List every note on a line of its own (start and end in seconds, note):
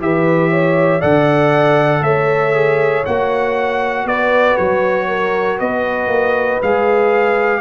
0.00 1.02 E3
0.00 1.01 G4
0.00 0.50 B4
0.00 1.01 E5
0.50 1.00 C#5
1.00 2.01 D3
1.00 2.54 A4
1.00 2.01 D5
1.00 2.03 F#5
2.01 3.03 A3
2.01 4.07 C#5
2.01 3.05 E5
2.54 3.04 G#4
3.06 4.05 A#3
3.06 6.63 F#4
3.06 4.07 F#5
4.05 4.56 B3
4.05 5.08 B4
4.05 4.57 D5
4.57 5.60 F#3
4.57 5.58 C#5
5.08 5.58 A#4
5.58 6.08 B3
5.58 7.61 B4
5.58 6.61 D#5
6.08 6.58 A#3
6.62 7.61 G#3
6.62 7.61 G#4
6.62 7.61 F5